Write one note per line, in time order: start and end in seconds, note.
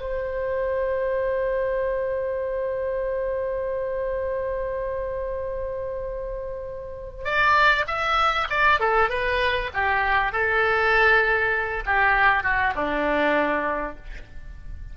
0.00 7.25 C5
7.25 7.85 D5
7.87 8.48 E5
8.50 8.80 D5
8.80 9.10 A4
9.10 9.70 B4
9.74 10.32 G4
10.32 11.83 A4
11.86 12.43 G4
12.43 12.74 F#4
12.75 13.96 D4